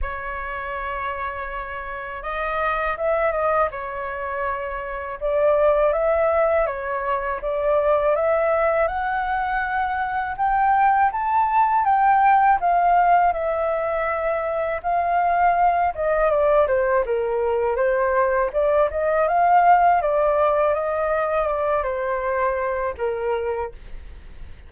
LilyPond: \new Staff \with { instrumentName = "flute" } { \time 4/4 \tempo 4 = 81 cis''2. dis''4 | e''8 dis''8 cis''2 d''4 | e''4 cis''4 d''4 e''4 | fis''2 g''4 a''4 |
g''4 f''4 e''2 | f''4. dis''8 d''8 c''8 ais'4 | c''4 d''8 dis''8 f''4 d''4 | dis''4 d''8 c''4. ais'4 | }